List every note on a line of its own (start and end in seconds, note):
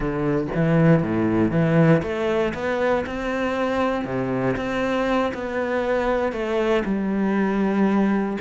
0.00 0.47 D3
0.55 1.02 E3
1.02 1.51 A2
1.51 2.02 E3
2.02 2.53 A3
2.54 3.04 B3
3.06 4.04 C4
4.04 4.55 C3
4.56 5.32 C4
5.33 6.32 B3
6.32 6.83 A3
6.85 8.37 G3